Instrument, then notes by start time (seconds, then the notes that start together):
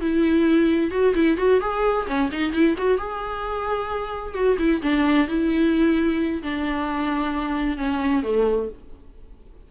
viola
0.00 E4
0.91 F#4
1.14 E4
1.37 F#4
1.60 G#4
2.07 C#4
2.31 D#4
2.52 E4
2.77 F#4
2.97 G#4
4.34 F#4
4.58 E4
4.82 D4
5.27 E4
6.42 D4
7.77 C#4
8.23 A3